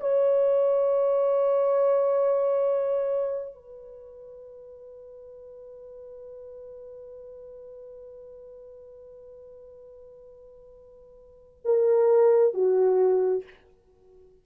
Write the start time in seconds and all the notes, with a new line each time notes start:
0.00 C#5
3.54 B4
11.64 A#4
12.53 F#4